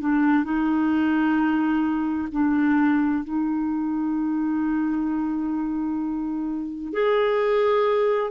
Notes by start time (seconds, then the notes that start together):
0.00 D4
0.44 D#4
2.31 D4
3.23 D#4
6.92 G#4